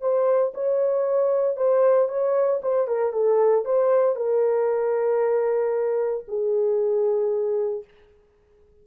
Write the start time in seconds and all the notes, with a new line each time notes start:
0.00 C5
0.54 C#5
1.56 C5
2.08 C#5
2.62 C5
2.87 A#4
3.12 A4
3.65 C5
4.15 A#4
6.28 G#4